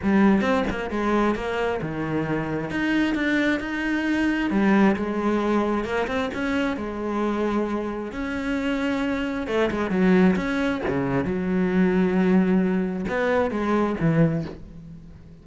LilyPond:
\new Staff \with { instrumentName = "cello" } { \time 4/4 \tempo 4 = 133 g4 c'8 ais8 gis4 ais4 | dis2 dis'4 d'4 | dis'2 g4 gis4~ | gis4 ais8 c'8 cis'4 gis4~ |
gis2 cis'2~ | cis'4 a8 gis8 fis4 cis'4 | cis4 fis2.~ | fis4 b4 gis4 e4 | }